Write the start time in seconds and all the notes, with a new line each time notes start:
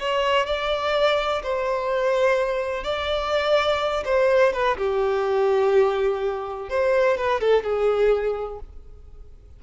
0.00 C#5
0.46 D5
1.43 C5
2.84 D5
4.05 C5
4.53 B4
4.77 G4
6.70 C5
7.17 B4
7.41 A4
7.64 G#4